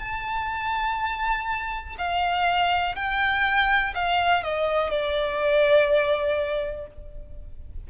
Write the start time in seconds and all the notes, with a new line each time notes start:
0.00 A5
1.99 F5
2.96 G5
3.95 F5
4.44 D#5
4.91 D5